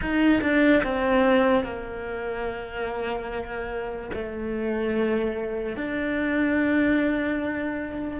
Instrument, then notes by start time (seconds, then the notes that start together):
cello
0.01 D#4
0.41 D4
0.83 C4
1.64 A#3
4.13 A3
5.76 D4